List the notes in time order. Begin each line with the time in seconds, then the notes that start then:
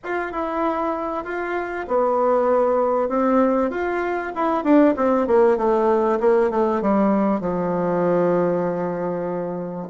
0.04 F4
0.31 E4
1.24 F4
1.87 B3
3.08 C4
3.70 F4
4.35 E4
4.64 D4
4.96 C4
5.27 A#3
5.57 A3
6.19 A#3
6.50 A3
6.81 G3
7.40 F3